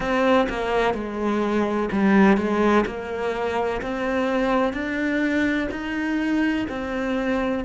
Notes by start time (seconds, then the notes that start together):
0.00 C4
0.49 A#3
0.94 G#3
1.91 G3
2.37 G#3
2.86 A#3
3.81 C4
4.73 D4
5.71 D#4
6.69 C4